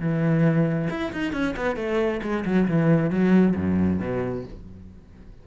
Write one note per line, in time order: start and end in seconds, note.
0.00 0.89 E3
0.90 1.12 E4
1.13 1.33 D#4
1.33 1.55 C#4
1.57 1.76 B3
1.76 2.21 A3
2.22 2.45 G#3
2.46 2.68 F#3
2.68 3.11 E3
3.11 3.55 F#3
3.57 4.00 F#2
4.00 4.45 B2